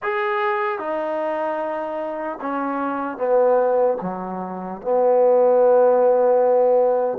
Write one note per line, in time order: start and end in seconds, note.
0.03 0.79 G#4
0.79 2.39 D#4
2.41 3.17 C#4
3.17 3.97 B3
4.01 4.81 F#3
4.81 7.18 B3